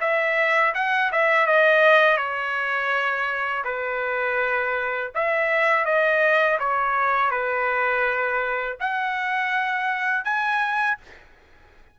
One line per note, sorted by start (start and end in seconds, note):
0.00 0.73 E5
0.74 1.11 F#5
1.12 1.46 E5
1.46 2.17 D#5
2.17 3.63 C#5
3.64 5.11 B4
5.14 5.85 E5
5.85 6.58 D#5
6.59 7.30 C#5
7.30 8.77 B4
8.80 10.24 F#5
10.24 10.98 G#5